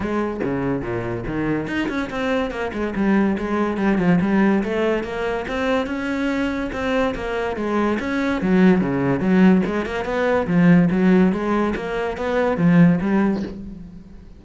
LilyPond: \new Staff \with { instrumentName = "cello" } { \time 4/4 \tempo 4 = 143 gis4 cis4 ais,4 dis4 | dis'8 cis'8 c'4 ais8 gis8 g4 | gis4 g8 f8 g4 a4 | ais4 c'4 cis'2 |
c'4 ais4 gis4 cis'4 | fis4 cis4 fis4 gis8 ais8 | b4 f4 fis4 gis4 | ais4 b4 f4 g4 | }